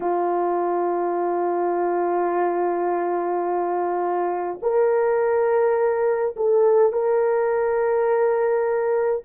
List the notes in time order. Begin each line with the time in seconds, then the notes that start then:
0.00 F4
4.62 A#4
6.36 A4
6.92 A#4